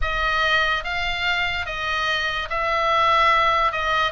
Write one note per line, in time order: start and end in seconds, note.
0.01 0.84 D#5
0.84 1.66 F5
1.66 2.48 D#5
2.49 3.71 E5
3.71 4.11 D#5